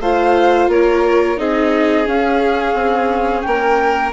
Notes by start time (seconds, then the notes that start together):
0.00 A3 F4 C5 F5
0.68 A#3 A#4 C#5
1.37 C4 D#4 G#4 D#5
2.06 C#4 F5
2.74 C4
3.42 A#3 A#4 G5